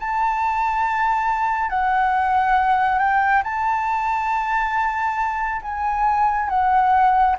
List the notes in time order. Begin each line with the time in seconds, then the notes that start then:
0.00 A5
1.70 F#5
2.99 G5
3.44 A5
5.62 G#5
6.49 F#5